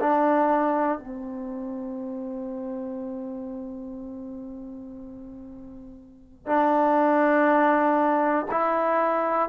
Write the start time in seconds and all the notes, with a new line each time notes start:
0.00 D4
0.99 C4
6.46 D4
8.51 E4